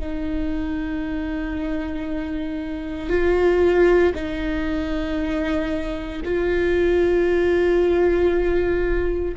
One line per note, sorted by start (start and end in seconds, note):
0.00 3.09 D#4
3.09 4.13 F4
4.15 6.22 D#4
6.25 9.35 F4